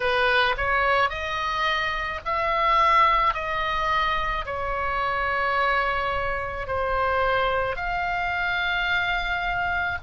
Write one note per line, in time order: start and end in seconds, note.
0.00 0.55 B4
0.57 1.09 C#5
1.09 2.20 D#5
2.25 3.34 E5
3.34 4.45 D#5
4.45 6.67 C#5
6.67 7.75 C5
7.75 9.97 F5